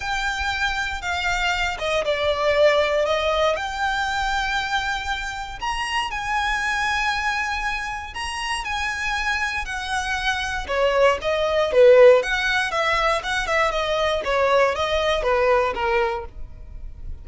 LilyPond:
\new Staff \with { instrumentName = "violin" } { \time 4/4 \tempo 4 = 118 g''2 f''4. dis''8 | d''2 dis''4 g''4~ | g''2. ais''4 | gis''1 |
ais''4 gis''2 fis''4~ | fis''4 cis''4 dis''4 b'4 | fis''4 e''4 fis''8 e''8 dis''4 | cis''4 dis''4 b'4 ais'4 | }